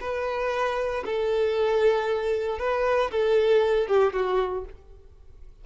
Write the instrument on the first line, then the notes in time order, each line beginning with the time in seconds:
violin
0.00 B4
1.05 A4
2.59 B4
3.11 A4
3.87 G4
4.13 F#4